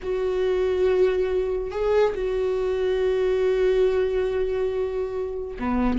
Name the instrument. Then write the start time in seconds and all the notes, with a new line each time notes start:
viola
0.03 F#4
1.71 G#4
2.14 F#4
5.59 B3